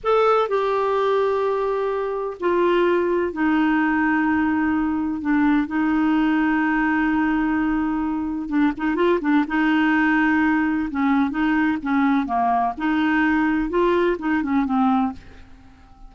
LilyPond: \new Staff \with { instrumentName = "clarinet" } { \time 4/4 \tempo 4 = 127 a'4 g'2.~ | g'4 f'2 dis'4~ | dis'2. d'4 | dis'1~ |
dis'2 d'8 dis'8 f'8 d'8 | dis'2. cis'4 | dis'4 cis'4 ais4 dis'4~ | dis'4 f'4 dis'8 cis'8 c'4 | }